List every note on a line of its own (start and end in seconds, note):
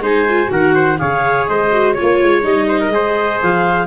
0.00 0.48 G#3
0.00 0.27 D#4
0.00 0.51 C5
0.00 0.52 G#5
0.29 0.47 F4
0.47 0.99 D#3
0.47 0.95 F#4
0.47 0.75 A#4
0.47 0.98 F#5
0.75 0.99 C5
0.98 1.49 C#3
0.98 1.71 G#4
0.98 1.49 C#5
0.98 1.47 F5
1.47 1.97 G#3
1.47 1.94 C5
1.47 1.94 D#5
1.72 1.96 F#4
1.94 2.42 F4
1.94 2.42 C#5
1.94 2.67 C#5
2.01 2.23 A#3
2.23 2.44 G#3
2.42 2.89 G3
2.42 2.91 D#4
2.42 3.41 D#5
2.68 2.80 C5
2.81 2.93 A#4
2.89 3.37 G#3
2.89 3.87 G#4
2.89 3.87 C5
3.42 3.87 F3
3.42 3.87 F5